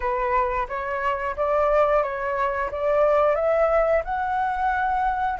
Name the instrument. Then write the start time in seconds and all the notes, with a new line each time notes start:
flute
0.00 B4
0.68 C#5
1.36 D5
2.02 C#5
2.71 D5
3.35 E5
4.04 F#5